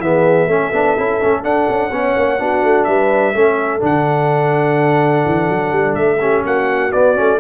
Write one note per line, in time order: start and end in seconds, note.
0.00 0.47 E3
0.00 0.49 B3
0.00 0.49 G#4
0.00 1.44 E5
0.47 0.71 A3
0.47 0.73 C#4
0.47 1.92 A4
0.73 0.96 B3
0.73 0.98 D4
0.98 1.22 C#4
0.98 1.21 E4
1.21 1.44 A3
1.21 1.43 C#4
1.43 1.91 D4
1.43 1.68 D4
1.43 2.85 F#5
1.69 1.91 C#4
1.91 2.15 B3
1.91 2.39 C#4
1.91 2.42 C#5
2.16 2.40 A#3
2.39 2.63 B3
2.39 3.34 D4
2.39 2.88 F#4
2.63 2.87 A3
2.85 3.35 G3
2.85 3.35 B4
2.85 3.80 E5
3.34 3.82 A3
3.34 3.80 C#4
3.34 6.21 A4
3.80 5.26 D3
3.80 6.19 D4
3.80 5.95 F#5
5.26 5.49 E3
5.49 5.72 F#3
5.72 5.96 G3
5.95 6.44 A3
5.95 6.43 E5
6.21 6.92 C#4
6.21 6.44 G4
6.44 6.93 A#3
6.44 7.40 F#4
6.44 6.92 F#5
6.92 7.15 B3
6.92 7.18 B3
6.92 7.40 D5
7.15 7.40 A3
7.15 7.39 C#4